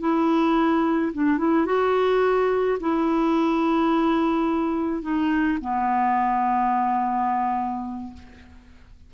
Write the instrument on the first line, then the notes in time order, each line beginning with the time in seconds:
clarinet
0.00 E4
1.13 D4
1.38 E4
1.66 F#4
2.80 E4
5.02 D#4
5.61 B3